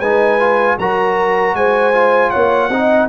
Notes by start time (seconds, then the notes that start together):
0.00 G#3 D#4 B4 G#5
0.40 F4
0.79 F#3 F#4 A#4 A#5
1.54 G#3 C5 G#5
1.93 F4
2.30 A#3 C#5 F#5
2.69 C4 D#4 D#5